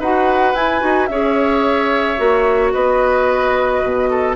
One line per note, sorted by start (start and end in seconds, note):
0.00 0.54 D#4
0.00 0.55 F#4
0.00 1.09 B4
0.00 0.55 F#5
0.54 0.81 E4
0.54 1.07 G#5
0.81 1.10 D#4
0.81 1.08 F#4
1.07 2.19 C#4
1.07 2.17 G#4
1.07 2.74 C#5
1.07 2.70 E5
2.17 2.74 A#3
2.17 4.36 F#4
2.73 3.84 B3
2.73 4.10 B4
2.73 4.36 D#5
3.84 4.36 B2
4.10 4.36 A4